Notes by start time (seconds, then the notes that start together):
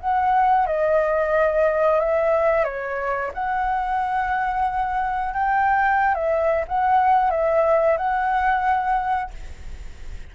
0.00 F#5
0.67 D#5
2.00 E5
2.64 C#5
3.34 F#5
5.34 G5
6.15 E5
6.68 F#5
7.31 E5
7.97 F#5